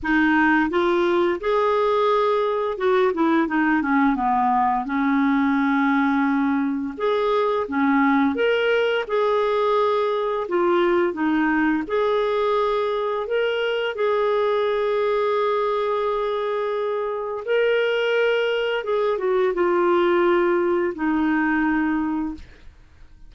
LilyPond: \new Staff \with { instrumentName = "clarinet" } { \time 4/4 \tempo 4 = 86 dis'4 f'4 gis'2 | fis'8 e'8 dis'8 cis'8 b4 cis'4~ | cis'2 gis'4 cis'4 | ais'4 gis'2 f'4 |
dis'4 gis'2 ais'4 | gis'1~ | gis'4 ais'2 gis'8 fis'8 | f'2 dis'2 | }